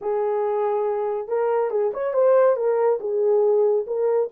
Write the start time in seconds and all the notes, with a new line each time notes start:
0.01 G#4
1.28 A#4
1.70 G#4
1.93 C#5
2.13 C5
2.56 A#4
3.00 G#4
3.86 A#4